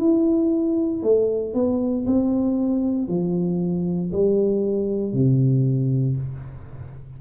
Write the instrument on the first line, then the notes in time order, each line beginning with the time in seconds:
tuba
0.00 E4
1.03 A3
1.54 B3
2.07 C4
3.09 F3
4.12 G3
5.14 C3